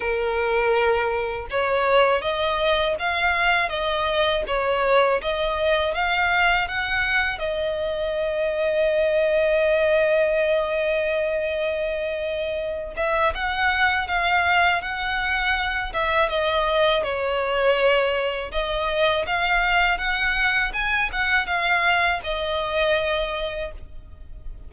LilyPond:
\new Staff \with { instrumentName = "violin" } { \time 4/4 \tempo 4 = 81 ais'2 cis''4 dis''4 | f''4 dis''4 cis''4 dis''4 | f''4 fis''4 dis''2~ | dis''1~ |
dis''4. e''8 fis''4 f''4 | fis''4. e''8 dis''4 cis''4~ | cis''4 dis''4 f''4 fis''4 | gis''8 fis''8 f''4 dis''2 | }